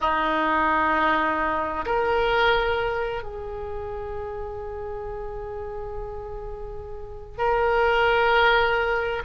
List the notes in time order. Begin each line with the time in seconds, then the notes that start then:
0.00 D#4
1.85 A#4
3.22 G#4
7.38 A#4